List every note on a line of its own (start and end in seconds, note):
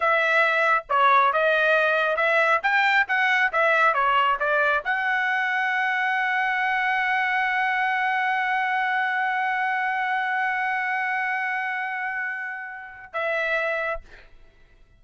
0.00 0.84 E5
0.89 1.33 C#5
1.33 2.16 D#5
2.16 2.60 E5
2.63 3.06 G5
3.08 3.52 F#5
3.52 3.94 E5
3.94 4.37 C#5
4.39 4.83 D5
4.84 13.13 F#5
13.13 14.00 E5